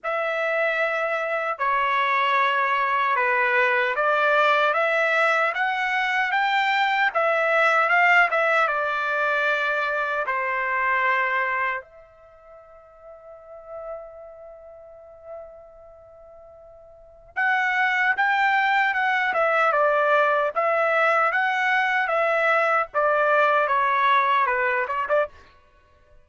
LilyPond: \new Staff \with { instrumentName = "trumpet" } { \time 4/4 \tempo 4 = 76 e''2 cis''2 | b'4 d''4 e''4 fis''4 | g''4 e''4 f''8 e''8 d''4~ | d''4 c''2 e''4~ |
e''1~ | e''2 fis''4 g''4 | fis''8 e''8 d''4 e''4 fis''4 | e''4 d''4 cis''4 b'8 cis''16 d''16 | }